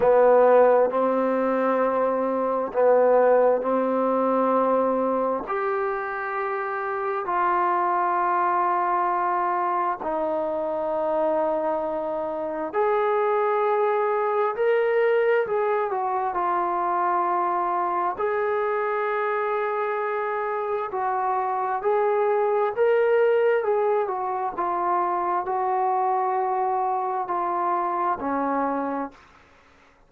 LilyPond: \new Staff \with { instrumentName = "trombone" } { \time 4/4 \tempo 4 = 66 b4 c'2 b4 | c'2 g'2 | f'2. dis'4~ | dis'2 gis'2 |
ais'4 gis'8 fis'8 f'2 | gis'2. fis'4 | gis'4 ais'4 gis'8 fis'8 f'4 | fis'2 f'4 cis'4 | }